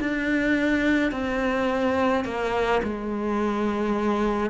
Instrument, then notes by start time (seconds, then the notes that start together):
cello
0.00 D4
1.12 C4
2.25 A#3
2.84 G#3